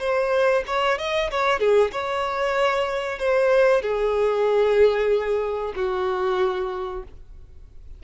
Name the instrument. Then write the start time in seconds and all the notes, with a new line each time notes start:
violin
0.00 C5
0.67 C#5
0.99 D#5
1.31 C#5
1.60 G#4
1.93 C#5
3.19 C5
3.82 G#4
5.76 F#4